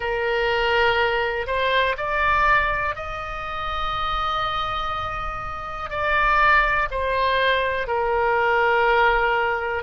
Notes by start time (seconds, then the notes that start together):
0.00 A#4
1.47 C5
1.97 D5
2.95 D#5
5.90 D5
6.91 C5
7.87 A#4